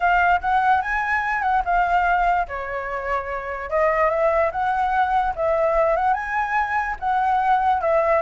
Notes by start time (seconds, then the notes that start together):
0.00 F5
0.41 F#5
0.81 G#5
1.41 F#5
1.64 F5
2.48 C#5
3.69 D#5
4.09 E5
4.51 F#5
5.35 E5
5.96 F#5
6.13 G#5
6.99 F#5
7.81 E5